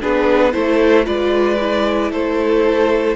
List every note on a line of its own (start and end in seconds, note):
0.00 0.54 B3
0.00 0.52 D4
0.00 0.53 G#4
0.00 0.52 B4
0.52 1.06 A3
0.52 1.04 E4
0.52 1.05 A4
0.52 1.05 C5
1.04 2.11 G#3
1.04 1.57 F4
1.04 2.11 B4
1.04 2.11 D5
1.60 3.16 E4
2.11 3.16 A3
2.11 3.16 A4
2.11 3.16 C5